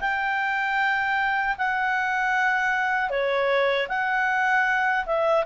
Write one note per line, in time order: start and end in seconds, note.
0.00 1.56 G5
1.57 3.09 F#5
3.09 3.87 C#5
3.88 5.05 F#5
5.05 5.44 E5